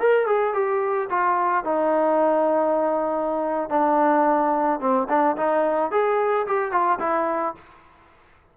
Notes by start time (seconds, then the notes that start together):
0.00 A#4
0.27 G#4
0.54 G4
1.10 F4
1.65 D#4
3.70 D4
4.80 C4
5.09 D4
5.37 D#4
5.91 G#4
6.47 G4
6.72 F4
7.00 E4